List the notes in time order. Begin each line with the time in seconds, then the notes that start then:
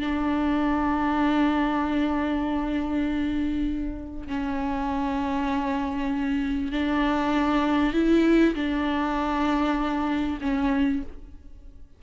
0.00 D4
4.27 C#4
6.73 D4
7.93 E4
8.55 D4
10.42 C#4